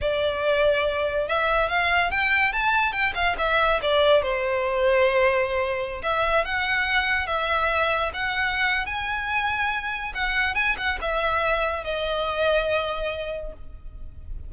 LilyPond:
\new Staff \with { instrumentName = "violin" } { \time 4/4 \tempo 4 = 142 d''2. e''4 | f''4 g''4 a''4 g''8 f''8 | e''4 d''4 c''2~ | c''2~ c''16 e''4 fis''8.~ |
fis''4~ fis''16 e''2 fis''8.~ | fis''4 gis''2. | fis''4 gis''8 fis''8 e''2 | dis''1 | }